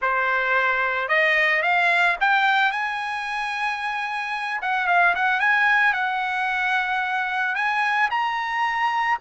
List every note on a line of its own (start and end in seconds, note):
0.01 1.08 C5
1.08 1.62 D#5
1.62 2.16 F5
2.20 2.71 G5
2.71 4.60 G#5
4.61 4.87 F#5
4.87 5.14 F5
5.15 5.40 F#5
5.40 5.93 G#5
5.93 7.55 F#5
7.55 8.09 G#5
8.10 9.18 A#5